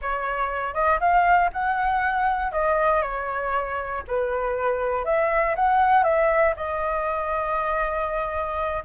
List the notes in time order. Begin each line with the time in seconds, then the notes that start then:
0.01 C#5
0.73 D#5
0.99 F5
1.52 F#5
2.52 D#5
3.02 C#5
4.07 B4
5.04 E5
5.55 F#5
6.03 E5
6.56 D#5